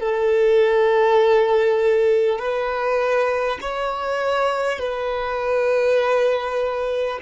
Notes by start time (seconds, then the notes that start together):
0.00 A4
2.39 B4
3.62 C#5
4.79 B4